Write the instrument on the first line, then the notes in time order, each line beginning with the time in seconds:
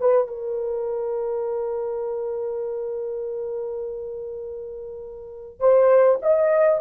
horn
0.00 B4
0.27 A#4
5.59 C5
6.22 D#5